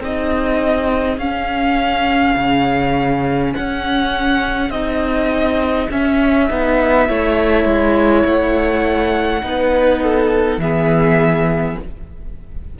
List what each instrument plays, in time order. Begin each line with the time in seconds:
0.00 cello C4, viola D#4, violin G#4 D#5
1.18 cello C#4, viola C#4, violin F5
2.36 cello C#3
3.54 cello C#4, violin F#5
4.70 cello C4, viola D#4, violin D#5
5.91 cello C#4, viola C#4, violin E5
6.50 cello B3, viola D#4
7.08 cello A3, viola E4, violin C#5
7.65 cello G#3
8.25 cello A3, violin F#5
9.42 cello B3, viola D#4, violin B4
10.02 violin A4
10.58 cello E3, viola B3, violin G#4 E5